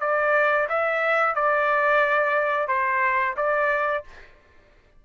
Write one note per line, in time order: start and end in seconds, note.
0.00 0.67 D5
0.69 1.35 E5
1.35 2.68 D5
2.68 3.35 C5
3.36 4.04 D5